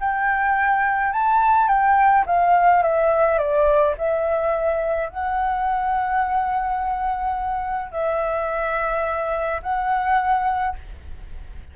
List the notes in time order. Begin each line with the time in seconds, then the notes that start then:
0.00 G5
1.12 A5
1.68 G5
2.26 F5
2.83 E5
3.38 D5
3.98 E5
5.09 F#5
7.91 E5
9.63 F#5